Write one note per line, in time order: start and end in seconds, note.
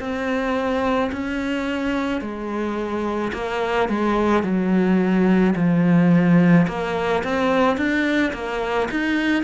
0.00 1.11 C4
1.13 2.22 C#4
2.22 3.33 G#3
3.34 3.89 A#3
3.89 4.44 G#3
4.44 5.55 F#3
5.56 6.67 F3
6.68 7.24 A#3
7.24 7.78 C4
7.78 8.33 D4
8.34 8.89 A#3
8.91 9.44 D#4